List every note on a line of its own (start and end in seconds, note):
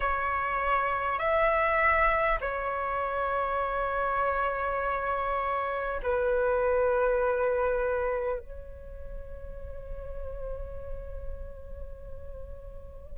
0.00 1.18 C#5
1.18 2.38 E5
2.40 6.00 C#5
6.02 8.39 B4
8.39 13.18 C#5